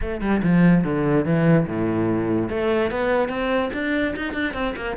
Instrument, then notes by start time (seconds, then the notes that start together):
cello
0.01 A3
0.21 G3
0.43 F3
0.84 D3
1.25 E3
1.67 A2
2.49 A3
2.90 B3
3.28 C4
3.73 D4
4.15 D#4
4.33 D4
4.53 C4
4.76 A#3